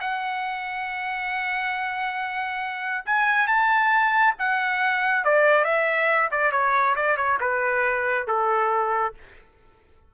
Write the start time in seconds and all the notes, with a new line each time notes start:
0.00 F#5
3.05 G#5
3.47 A5
4.39 F#5
5.24 D5
5.64 E5
6.31 D5
6.52 C#5
6.95 D5
7.16 C#5
7.40 B4
8.27 A4